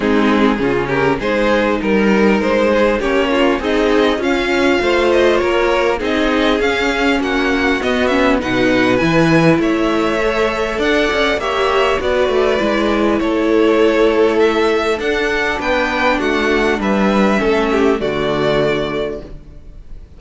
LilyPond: <<
  \new Staff \with { instrumentName = "violin" } { \time 4/4 \tempo 4 = 100 gis'4. ais'8 c''4 ais'4 | c''4 cis''4 dis''4 f''4~ | f''8 dis''8 cis''4 dis''4 f''4 | fis''4 dis''8 e''8 fis''4 gis''4 |
e''2 fis''4 e''4 | d''2 cis''2 | e''4 fis''4 g''4 fis''4 | e''2 d''2 | }
  \new Staff \with { instrumentName = "violin" } { \time 4/4 dis'4 f'8 g'8 gis'4 ais'4~ | ais'8 gis'8 g'8 f'8 dis'4 cis'4 | c''4 ais'4 gis'2 | fis'2 b'2 |
cis''2 d''4 cis''4 | b'2 a'2~ | a'2 b'4 fis'4 | b'4 a'8 g'8 fis'2 | }
  \new Staff \with { instrumentName = "viola" } { \time 4/4 c'4 cis'4 dis'2~ | dis'4 cis'4 gis'4 f'4~ | f'2 dis'4 cis'4~ | cis'4 b8 cis'8 dis'4 e'4~ |
e'4 a'2 g'4 | fis'4 e'2.~ | e'4 d'2.~ | d'4 cis'4 a2 | }
  \new Staff \with { instrumentName = "cello" } { \time 4/4 gis4 cis4 gis4 g4 | gis4 ais4 c'4 cis'4 | a4 ais4 c'4 cis'4 | ais4 b4 b,4 e4 |
a2 d'8 cis'8 ais4 | b8 a8 gis4 a2~ | a4 d'4 b4 a4 | g4 a4 d2 | }
>>